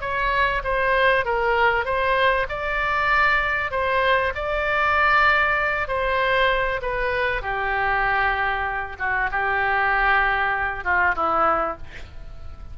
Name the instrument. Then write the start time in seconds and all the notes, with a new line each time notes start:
oboe
0.00 C#5
0.63 C5
1.25 A#4
1.84 C5
2.49 D5
3.71 C5
4.34 D5
5.87 C5
6.81 B4
7.41 G4
8.98 F#4
9.31 G4
10.84 F4
11.15 E4